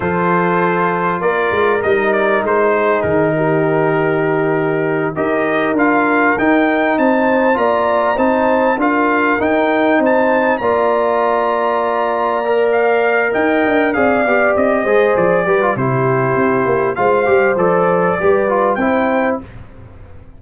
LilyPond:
<<
  \new Staff \with { instrumentName = "trumpet" } { \time 4/4 \tempo 4 = 99 c''2 d''4 dis''8 d''8 | c''4 ais'2.~ | ais'8 dis''4 f''4 g''4 a''8~ | a''8 ais''4 a''4 f''4 g''8~ |
g''8 a''4 ais''2~ ais''8~ | ais''4 f''4 g''4 f''4 | dis''4 d''4 c''2 | f''4 d''2 g''4 | }
  \new Staff \with { instrumentName = "horn" } { \time 4/4 a'2 ais'2~ | ais'8 gis'4 g'2~ g'8~ | g'8 ais'2. c''8~ | c''8 d''4 c''4 ais'4.~ |
ais'8 c''4 d''2~ d''8~ | d''2 dis''4 d''4~ | d''8 c''4 b'8 g'2 | c''2 b'4 c''4 | }
  \new Staff \with { instrumentName = "trombone" } { \time 4/4 f'2. dis'4~ | dis'1~ | dis'8 g'4 f'4 dis'4.~ | dis'8 f'4 dis'4 f'4 dis'8~ |
dis'4. f'2~ f'8~ | f'8 ais'2~ ais'8 gis'8 g'8~ | g'8 gis'4 g'16 f'16 e'2 | f'8 g'8 a'4 g'8 f'8 e'4 | }
  \new Staff \with { instrumentName = "tuba" } { \time 4/4 f2 ais8 gis8 g4 | gis4 dis2.~ | dis8 dis'4 d'4 dis'4 c'8~ | c'8 ais4 c'4 d'4 dis'8~ |
dis'8 c'4 ais2~ ais8~ | ais2 dis'8 d'8 c'8 b8 | c'8 gis8 f8 g8 c4 c'8 ais8 | gis8 g8 f4 g4 c'4 | }
>>